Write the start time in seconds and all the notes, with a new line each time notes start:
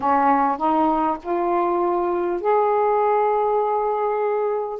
0.00 C#4
0.57 D#4
1.22 F4
2.40 G#4